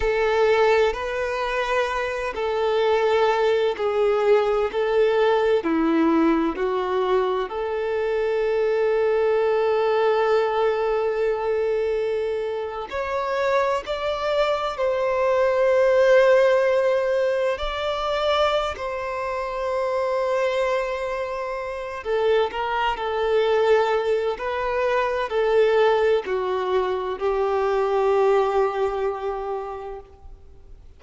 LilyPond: \new Staff \with { instrumentName = "violin" } { \time 4/4 \tempo 4 = 64 a'4 b'4. a'4. | gis'4 a'4 e'4 fis'4 | a'1~ | a'4.~ a'16 cis''4 d''4 c''16~ |
c''2~ c''8. d''4~ d''16 | c''2.~ c''8 a'8 | ais'8 a'4. b'4 a'4 | fis'4 g'2. | }